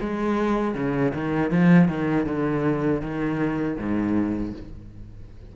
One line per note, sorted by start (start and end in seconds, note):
0.00 0.74 G#3
0.74 1.12 C#3
1.14 1.51 D#3
1.51 1.88 F3
1.88 2.26 D#3
2.26 3.01 D3
3.01 3.77 D#3
3.77 4.53 G#2